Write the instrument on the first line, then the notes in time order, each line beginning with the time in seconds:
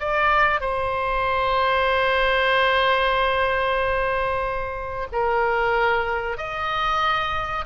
oboe
0.00 D5
0.61 C5
5.12 A#4
6.37 D#5